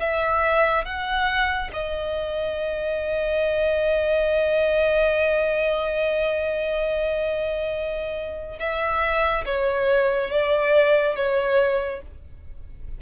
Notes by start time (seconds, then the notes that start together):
0.00 E5
0.85 F#5
1.73 D#5
8.59 E5
9.46 C#5
10.30 D5
11.16 C#5